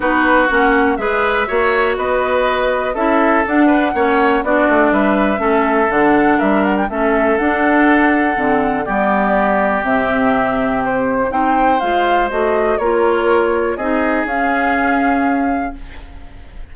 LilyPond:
<<
  \new Staff \with { instrumentName = "flute" } { \time 4/4 \tempo 4 = 122 b'4 fis''4 e''2 | dis''2 e''4 fis''4~ | fis''4 d''4 e''2 | fis''4 e''8 fis''16 g''16 e''4 fis''4~ |
fis''2 d''2 | e''2 c''4 g''4 | f''4 dis''4 cis''2 | dis''4 f''2. | }
  \new Staff \with { instrumentName = "oboe" } { \time 4/4 fis'2 b'4 cis''4 | b'2 a'4. b'8 | cis''4 fis'4 b'4 a'4~ | a'4 ais'4 a'2~ |
a'2 g'2~ | g'2. c''4~ | c''2 ais'2 | gis'1 | }
  \new Staff \with { instrumentName = "clarinet" } { \time 4/4 dis'4 cis'4 gis'4 fis'4~ | fis'2 e'4 d'4 | cis'4 d'2 cis'4 | d'2 cis'4 d'4~ |
d'4 c'4 b2 | c'2. dis'4 | f'4 fis'4 f'2 | dis'4 cis'2. | }
  \new Staff \with { instrumentName = "bassoon" } { \time 4/4 b4 ais4 gis4 ais4 | b2 cis'4 d'4 | ais4 b8 a8 g4 a4 | d4 g4 a4 d'4~ |
d'4 d4 g2 | c2. c'4 | gis4 a4 ais2 | c'4 cis'2. | }
>>